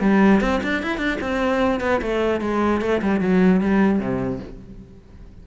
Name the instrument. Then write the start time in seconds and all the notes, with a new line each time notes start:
cello
0.00 G3
0.40 C4
0.63 D4
0.82 E4
0.97 D4
1.20 C4
1.80 B3
2.01 A3
2.41 G#3
2.81 A3
3.02 G3
3.20 F#3
3.61 G3
3.99 C3